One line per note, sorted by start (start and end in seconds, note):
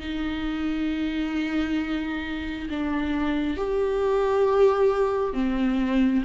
0.00 2.69 D#4
2.70 3.57 D4
3.57 5.34 G4
5.34 6.23 C4